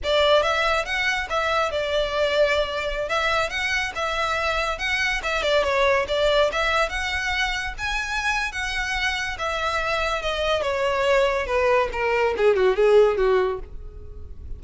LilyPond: \new Staff \with { instrumentName = "violin" } { \time 4/4 \tempo 4 = 141 d''4 e''4 fis''4 e''4 | d''2.~ d''16 e''8.~ | e''16 fis''4 e''2 fis''8.~ | fis''16 e''8 d''8 cis''4 d''4 e''8.~ |
e''16 fis''2 gis''4.~ gis''16 | fis''2 e''2 | dis''4 cis''2 b'4 | ais'4 gis'8 fis'8 gis'4 fis'4 | }